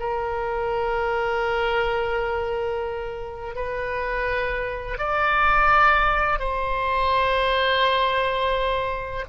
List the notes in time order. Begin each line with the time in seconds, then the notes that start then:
0.00 A#4
3.55 B4
4.98 D5
6.39 C5